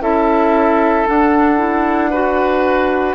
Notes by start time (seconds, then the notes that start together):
0.00 C#4 E4 A4 E5
1.06 D4 F#5
1.58 E4
2.10 F#4 B4